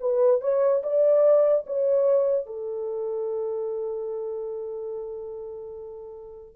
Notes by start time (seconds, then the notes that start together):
0.00 B4
0.41 C#5
0.83 D5
1.67 C#5
2.46 A4